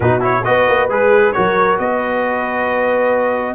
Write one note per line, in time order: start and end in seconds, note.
0.00 0.44 B2
0.00 0.20 D#4
0.00 0.43 F#4
0.00 0.23 B4
0.20 0.43 E4
0.20 0.44 C#5
0.44 0.68 B3
0.44 0.89 F#4
0.44 1.36 B4
0.44 0.89 D#5
0.68 0.89 A#3
0.89 1.34 G#3
0.89 1.34 G#4
0.89 1.32 B4
1.32 1.78 F#3
1.32 3.55 F#4
1.32 1.81 A#4
1.32 1.77 C#5
1.78 3.55 B3
1.78 3.55 B4
1.78 3.55 D#5